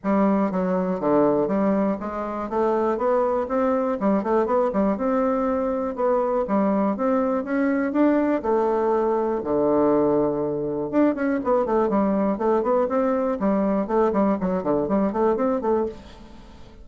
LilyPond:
\new Staff \with { instrumentName = "bassoon" } { \time 4/4 \tempo 4 = 121 g4 fis4 d4 g4 | gis4 a4 b4 c'4 | g8 a8 b8 g8 c'2 | b4 g4 c'4 cis'4 |
d'4 a2 d4~ | d2 d'8 cis'8 b8 a8 | g4 a8 b8 c'4 g4 | a8 g8 fis8 d8 g8 a8 c'8 a8 | }